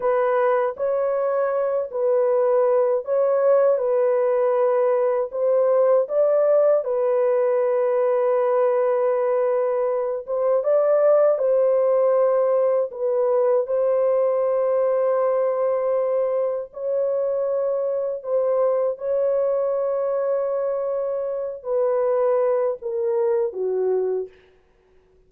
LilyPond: \new Staff \with { instrumentName = "horn" } { \time 4/4 \tempo 4 = 79 b'4 cis''4. b'4. | cis''4 b'2 c''4 | d''4 b'2.~ | b'4. c''8 d''4 c''4~ |
c''4 b'4 c''2~ | c''2 cis''2 | c''4 cis''2.~ | cis''8 b'4. ais'4 fis'4 | }